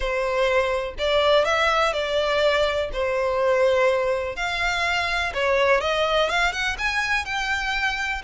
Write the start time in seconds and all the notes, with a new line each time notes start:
0.00 C5
0.98 D5
1.44 E5
1.93 D5
2.92 C5
4.35 F5
5.34 C#5
5.81 D#5
6.29 F5
6.52 F#5
6.78 G#5
7.25 G5